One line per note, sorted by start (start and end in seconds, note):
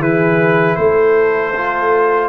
0.00 0.77 E3
0.00 1.54 E4
0.00 0.77 G#4
0.00 0.76 B4
0.76 2.29 A3
0.76 2.29 A4
0.76 2.29 C5
1.57 2.29 F4